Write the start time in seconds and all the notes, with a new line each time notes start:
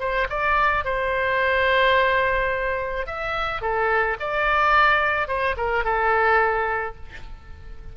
0.00 C5
0.30 D5
0.85 C5
3.07 E5
3.62 A4
4.20 D5
5.28 C5
5.57 A#4
5.85 A4